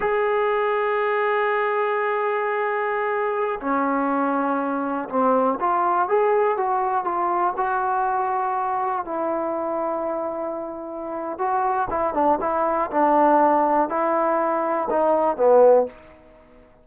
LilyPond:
\new Staff \with { instrumentName = "trombone" } { \time 4/4 \tempo 4 = 121 gis'1~ | gis'2.~ gis'16 cis'8.~ | cis'2~ cis'16 c'4 f'8.~ | f'16 gis'4 fis'4 f'4 fis'8.~ |
fis'2~ fis'16 e'4.~ e'16~ | e'2. fis'4 | e'8 d'8 e'4 d'2 | e'2 dis'4 b4 | }